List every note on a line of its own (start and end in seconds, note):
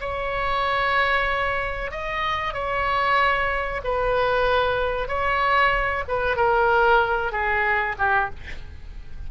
0.00 1.91 C#5
1.91 2.53 D#5
2.53 3.81 C#5
3.84 5.08 B4
5.08 6.03 C#5
6.08 6.36 B4
6.36 7.31 A#4
7.31 7.95 G#4
7.98 8.30 G4